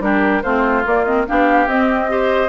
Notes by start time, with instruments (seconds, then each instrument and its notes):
0.00 bassoon G3, clarinet D4, oboe G4, flute A#4
0.42 bassoon A3, clarinet C4, oboe F4, flute C5
0.84 clarinet A#3, bassoon A#3, flute D5
1.04 clarinet C4, flute D#5
1.27 bassoon B3, clarinet D4, oboe G4, flute F5
1.67 bassoon C4, clarinet C4, flute D#5
2.09 clarinet G4, oboe C5